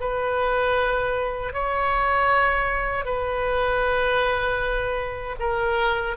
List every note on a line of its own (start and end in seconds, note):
0.00 1.53 B4
1.53 3.05 C#5
3.05 5.36 B4
5.40 6.16 A#4